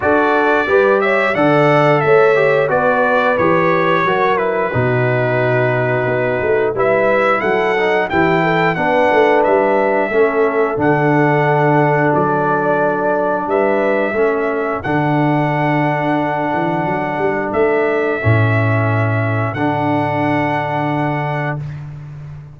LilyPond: <<
  \new Staff \with { instrumentName = "trumpet" } { \time 4/4 \tempo 4 = 89 d''4. e''8 fis''4 e''4 | d''4 cis''4. b'4.~ | b'2 e''4 fis''4 | g''4 fis''4 e''2 |
fis''2 d''2 | e''2 fis''2~ | fis''2 e''2~ | e''4 fis''2. | }
  \new Staff \with { instrumentName = "horn" } { \time 4/4 a'4 b'8 cis''8 d''4 cis''4 | b'2 ais'4 fis'4~ | fis'2 b'4 a'4 | g'8 a'8 b'2 a'4~ |
a'1 | b'4 a'2.~ | a'1~ | a'1 | }
  \new Staff \with { instrumentName = "trombone" } { \time 4/4 fis'4 g'4 a'4. g'8 | fis'4 g'4 fis'8 e'8 dis'4~ | dis'2 e'4. dis'8 | e'4 d'2 cis'4 |
d'1~ | d'4 cis'4 d'2~ | d'2. cis'4~ | cis'4 d'2. | }
  \new Staff \with { instrumentName = "tuba" } { \time 4/4 d'4 g4 d4 a4 | b4 e4 fis4 b,4~ | b,4 b8 a8 g4 fis4 | e4 b8 a8 g4 a4 |
d2 fis2 | g4 a4 d2~ | d8 e8 fis8 g8 a4 a,4~ | a,4 d2. | }
>>